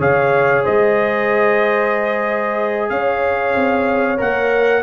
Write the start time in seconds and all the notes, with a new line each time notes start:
0.00 C#3 G#4 C#5 F5
0.64 G#3 C5 D#5
2.90 C#4 C#5 F5
3.55 C4
4.18 A#3 A#4 F#5